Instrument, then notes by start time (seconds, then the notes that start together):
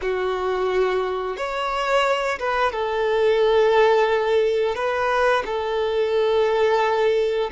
violin
0.01 F#4
1.36 C#5
2.39 B4
2.71 A4
4.75 B4
5.45 A4